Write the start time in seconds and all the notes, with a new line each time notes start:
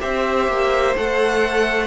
0.00 C4 G4 C5 E5
0.48 A#3
0.97 A3 A4 F#5